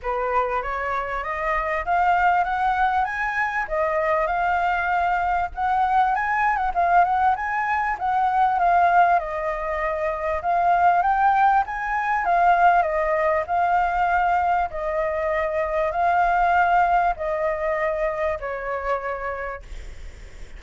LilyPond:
\new Staff \with { instrumentName = "flute" } { \time 4/4 \tempo 4 = 98 b'4 cis''4 dis''4 f''4 | fis''4 gis''4 dis''4 f''4~ | f''4 fis''4 gis''8. fis''16 f''8 fis''8 | gis''4 fis''4 f''4 dis''4~ |
dis''4 f''4 g''4 gis''4 | f''4 dis''4 f''2 | dis''2 f''2 | dis''2 cis''2 | }